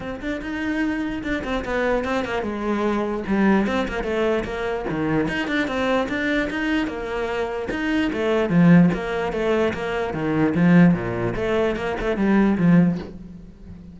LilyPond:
\new Staff \with { instrumentName = "cello" } { \time 4/4 \tempo 4 = 148 c'8 d'8 dis'2 d'8 c'8 | b4 c'8 ais8 gis2 | g4 c'8 ais8 a4 ais4 | dis4 dis'8 d'8 c'4 d'4 |
dis'4 ais2 dis'4 | a4 f4 ais4 a4 | ais4 dis4 f4 ais,4 | a4 ais8 a8 g4 f4 | }